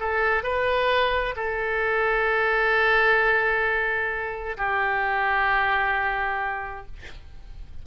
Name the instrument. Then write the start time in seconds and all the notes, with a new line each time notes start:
oboe
0.00 A4
0.43 B4
1.36 A4
4.58 G4